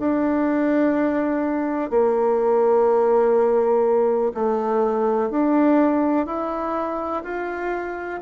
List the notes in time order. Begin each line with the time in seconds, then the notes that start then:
0.00 D4
1.90 A#3
4.35 A3
5.31 D4
6.27 E4
7.24 F4